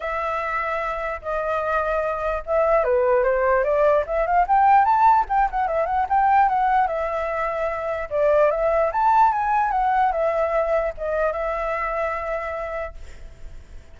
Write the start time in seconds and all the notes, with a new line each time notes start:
0.00 E5
1.21 D#5
2.46 E5
2.83 B4
3.23 C5
3.64 D5
4.06 E5
4.26 F5
4.47 G5
4.84 A5
5.29 G5
5.50 F#5
5.67 E5
5.86 F#5
6.09 G5
6.48 F#5
6.87 E5
8.10 D5
8.50 E5
8.92 A5
9.32 G#5
9.71 F#5
10.12 E5
10.97 D#5
11.32 E5